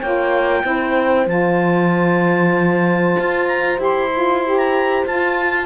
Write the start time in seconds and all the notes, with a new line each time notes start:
0.00 A#3 F4 C#5 G5
0.63 C4 E4 C5
1.27 F3 F4 A5
3.19 F4
3.47 A#5
3.77 E4 G4
3.84 C6
4.15 F4
4.45 G4
4.58 A#5
5.06 F4 A5